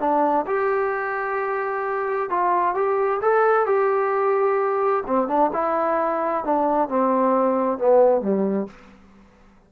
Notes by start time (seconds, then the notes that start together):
0.00 D4
0.47 G4
2.30 F4
2.75 G4
3.22 A4
3.66 G4
5.07 C4
5.28 D4
5.53 E4
6.44 D4
6.89 C4
7.79 B3
8.22 G3